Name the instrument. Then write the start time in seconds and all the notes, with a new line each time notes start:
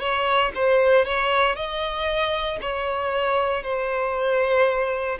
violin
0.00 C#5
0.55 C5
1.05 C#5
1.56 D#5
2.61 C#5
3.63 C5